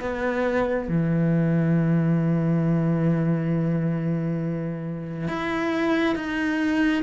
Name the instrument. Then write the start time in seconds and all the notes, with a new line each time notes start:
cello
0.00 B3
0.89 E3
5.28 E4
6.16 D#4